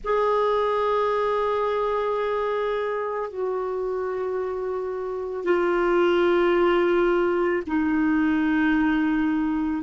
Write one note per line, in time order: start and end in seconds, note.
0.03 3.30 G#4
3.30 5.44 F#4
5.44 7.62 F4
7.67 9.83 D#4